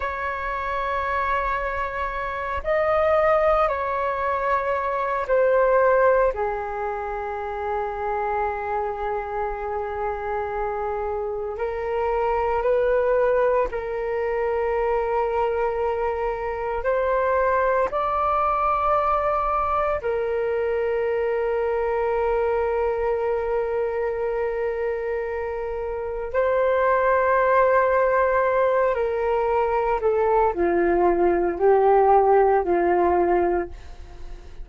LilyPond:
\new Staff \with { instrumentName = "flute" } { \time 4/4 \tempo 4 = 57 cis''2~ cis''8 dis''4 cis''8~ | cis''4 c''4 gis'2~ | gis'2. ais'4 | b'4 ais'2. |
c''4 d''2 ais'4~ | ais'1~ | ais'4 c''2~ c''8 ais'8~ | ais'8 a'8 f'4 g'4 f'4 | }